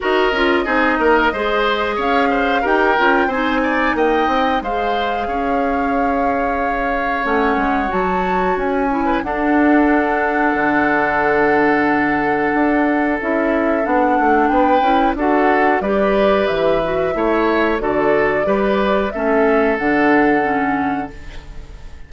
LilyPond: <<
  \new Staff \with { instrumentName = "flute" } { \time 4/4 \tempo 4 = 91 dis''2. f''4 | g''4 gis''4 g''4 f''4~ | f''2. fis''4 | a''4 gis''4 fis''2~ |
fis''1 | e''4 fis''4 g''4 fis''4 | d''4 e''2 d''4~ | d''4 e''4 fis''2 | }
  \new Staff \with { instrumentName = "oboe" } { \time 4/4 ais'4 gis'8 ais'8 c''4 cis''8 c''8 | ais'4 c''8 d''8 dis''4 c''4 | cis''1~ | cis''4.~ cis''16 b'16 a'2~ |
a'1~ | a'2 b'4 a'4 | b'2 cis''4 a'4 | b'4 a'2. | }
  \new Staff \with { instrumentName = "clarinet" } { \time 4/4 fis'8 f'8 dis'4 gis'2 | g'8 f'8 dis'2 gis'4~ | gis'2. cis'4 | fis'4. e'8 d'2~ |
d'1 | e'4 d'4. e'8 fis'4 | g'4. fis'8 e'4 fis'4 | g'4 cis'4 d'4 cis'4 | }
  \new Staff \with { instrumentName = "bassoon" } { \time 4/4 dis'8 cis'8 c'8 ais8 gis4 cis'4 | dis'8 cis'8 c'4 ais8 c'8 gis4 | cis'2. a8 gis8 | fis4 cis'4 d'2 |
d2. d'4 | cis'4 b8 a8 b8 cis'8 d'4 | g4 e4 a4 d4 | g4 a4 d2 | }
>>